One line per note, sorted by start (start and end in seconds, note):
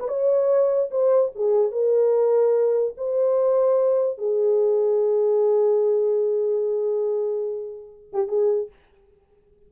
0.00 0.08 B4
0.08 0.91 C#5
0.91 1.32 C5
1.36 1.72 G#4
1.72 2.95 A#4
2.98 4.19 C5
4.19 8.09 G#4
8.13 8.29 G4
8.29 8.70 G#4